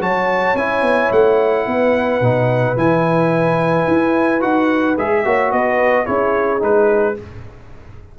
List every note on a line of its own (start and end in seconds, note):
0.00 0.55 F#3
0.00 0.56 F#4
0.00 1.67 C#5
0.00 0.57 A5
0.55 0.82 C#4
0.55 2.22 E4
0.55 1.12 G#5
0.82 1.09 B3
1.11 1.67 A3
1.11 2.77 F#5
1.67 2.21 B3
1.67 5.25 B4
2.21 2.76 B2
2.21 2.77 D#4
2.76 3.87 E3
2.76 4.40 E4
2.76 4.42 G#5
3.87 4.43 E4
4.40 4.98 D#4
4.40 4.95 F#4
4.40 4.97 F#5
4.98 5.26 G#3
4.98 5.25 G#4
4.98 5.52 E5
5.25 5.52 A#3
5.25 6.06 F#4
5.25 5.53 C#5
5.52 6.07 B3
5.52 6.06 B4
5.52 6.06 D#5
6.06 6.63 C#4
6.06 6.59 E4
6.06 7.16 G#4
6.06 6.61 C#5
6.59 7.18 G#3
6.59 7.14 D#4
6.59 7.19 B4